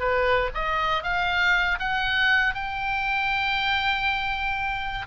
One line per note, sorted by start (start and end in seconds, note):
0.00 0.50 B4
0.55 1.04 D#5
1.04 1.79 F5
1.79 2.55 F#5
2.55 5.07 G5